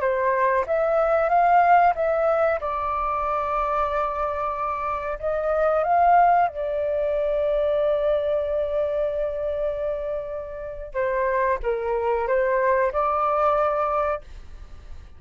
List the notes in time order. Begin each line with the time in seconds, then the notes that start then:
0.00 C5
0.67 E5
1.29 F5
1.95 E5
2.60 D5
5.19 D#5
5.83 F5
6.48 D5
10.94 C5
11.63 A#4
12.28 C5
12.92 D5